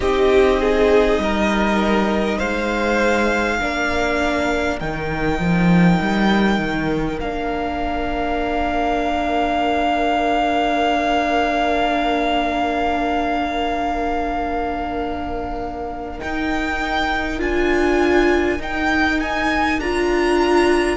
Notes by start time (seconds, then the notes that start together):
0.00 C4 D#4 G4 D#5
0.60 G#4
1.18 G3 A#4
2.38 G#3 C5 F5
3.60 A#3 D4 A#4
4.79 D#3 D#4 G5
5.39 F3
6.00 G3
6.58 D#3
7.20 A#3 D4 F5
16.18 D#4 G5
17.39 D4 F4 G#5
18.59 D#4 G5
19.20 G#5
19.78 D4 F4 A#5